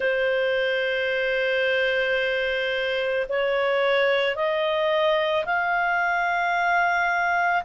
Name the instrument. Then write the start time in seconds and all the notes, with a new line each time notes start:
clarinet
0.00 C5
3.28 C#5
4.35 D#5
5.45 F5